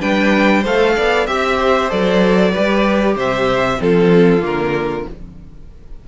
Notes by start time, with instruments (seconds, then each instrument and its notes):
0.00 cello G3, viola D4, violin B4 G5
0.61 cello A3, viola A4, violin C5 F5
0.96 cello B3, violin D5
1.26 cello C4, viola G4, violin E5
1.60 violin C5
1.90 cello F#3, viola A4, violin D5
2.52 viola G4, violin B4
2.58 cello G3
3.16 cello C3, violin C5 E5
3.77 cello F3, viola C4, violin F4 A4
4.41 cello D3, viola A#3, violin A#4